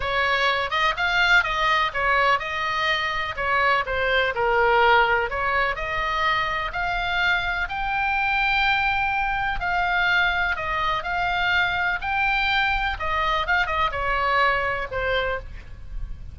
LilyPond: \new Staff \with { instrumentName = "oboe" } { \time 4/4 \tempo 4 = 125 cis''4. dis''8 f''4 dis''4 | cis''4 dis''2 cis''4 | c''4 ais'2 cis''4 | dis''2 f''2 |
g''1 | f''2 dis''4 f''4~ | f''4 g''2 dis''4 | f''8 dis''8 cis''2 c''4 | }